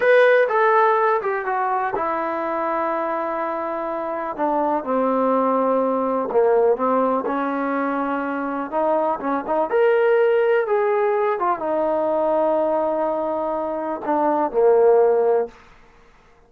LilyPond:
\new Staff \with { instrumentName = "trombone" } { \time 4/4 \tempo 4 = 124 b'4 a'4. g'8 fis'4 | e'1~ | e'4 d'4 c'2~ | c'4 ais4 c'4 cis'4~ |
cis'2 dis'4 cis'8 dis'8 | ais'2 gis'4. f'8 | dis'1~ | dis'4 d'4 ais2 | }